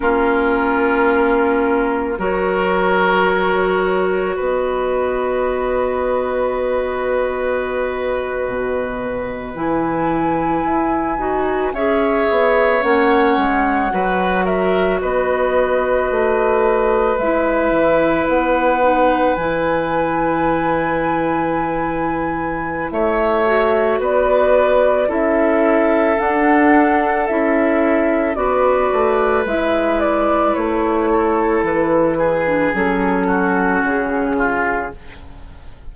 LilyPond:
<<
  \new Staff \with { instrumentName = "flute" } { \time 4/4 \tempo 4 = 55 ais'2 cis''2 | dis''1~ | dis''8. gis''2 e''4 fis''16~ | fis''4~ fis''16 e''8 dis''2 e''16~ |
e''8. fis''4 gis''2~ gis''16~ | gis''4 e''4 d''4 e''4 | fis''4 e''4 d''4 e''8 d''8 | cis''4 b'4 a'4 gis'4 | }
  \new Staff \with { instrumentName = "oboe" } { \time 4/4 f'2 ais'2 | b'1~ | b'2~ b'8. cis''4~ cis''16~ | cis''8. b'8 ais'8 b'2~ b'16~ |
b'1~ | b'4 cis''4 b'4 a'4~ | a'2 b'2~ | b'8 a'4 gis'4 fis'4 f'8 | }
  \new Staff \with { instrumentName = "clarinet" } { \time 4/4 cis'2 fis'2~ | fis'1~ | fis'8. e'4. fis'8 gis'4 cis'16~ | cis'8. fis'2. e'16~ |
e'4~ e'16 dis'8 e'2~ e'16~ | e'4. fis'4. e'4 | d'4 e'4 fis'4 e'4~ | e'4.~ e'16 d'16 cis'2 | }
  \new Staff \with { instrumentName = "bassoon" } { \time 4/4 ais2 fis2 | b2.~ b8. b,16~ | b,8. e4 e'8 dis'8 cis'8 b8 ais16~ | ais16 gis8 fis4 b4 a4 gis16~ |
gis16 e8 b4 e2~ e16~ | e4 a4 b4 cis'4 | d'4 cis'4 b8 a8 gis4 | a4 e4 fis4 cis4 | }
>>